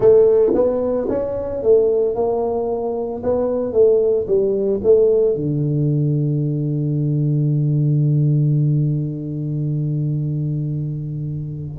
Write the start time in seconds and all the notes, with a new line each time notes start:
0.00 A3
0.54 B3
1.09 C#4
1.62 A3
2.15 A#3
3.23 B3
3.73 A3
4.27 G3
4.83 A3
5.35 D3